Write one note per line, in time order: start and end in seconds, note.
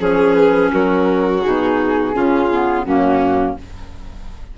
0.00 0.72 F3
0.00 1.43 C#4
0.00 0.72 G#4
0.00 0.35 C#5
0.35 0.70 B4
0.73 1.45 F#3
0.73 2.15 F#4
0.73 1.42 A#4
1.42 2.15 B2
1.42 2.13 D#4
1.42 2.83 G#4
2.13 2.85 C#3
2.13 2.49 C#4
2.13 2.86 F4
2.51 2.87 B3
2.83 3.57 F#2
2.83 3.58 A#3
2.83 3.58 C#4
2.83 3.55 F#4